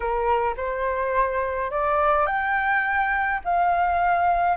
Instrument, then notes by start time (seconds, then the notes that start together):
flute
0.00 A#4
0.57 C5
1.70 D5
2.26 G5
3.44 F5